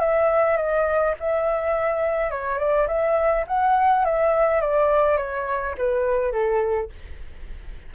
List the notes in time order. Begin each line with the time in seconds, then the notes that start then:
0.00 E5
0.57 D#5
1.20 E5
2.31 C#5
2.59 D5
2.88 E5
3.48 F#5
4.05 E5
4.61 D5
5.18 C#5
5.78 B4
6.32 A4